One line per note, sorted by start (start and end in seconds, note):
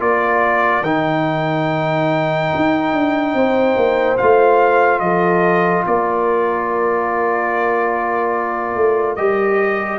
0.00 0.82 A#3
0.00 0.83 F4
0.00 3.35 A#4
0.00 0.84 D5
0.82 2.48 D#3
0.82 4.18 D#4
0.82 4.17 G5
2.56 2.93 D#4
2.93 3.34 D4
3.34 3.76 C4
3.34 5.02 C5
3.77 4.18 A#3
4.18 5.01 A3
4.18 9.18 F4
4.18 5.00 F5
5.00 5.84 F3
5.00 5.86 A4
5.00 5.83 D#5
5.86 8.76 A#3
5.86 9.99 A#4
5.86 9.16 D5
8.76 9.17 A3
9.16 9.99 G3
9.16 9.99 G4
9.16 9.99 D#5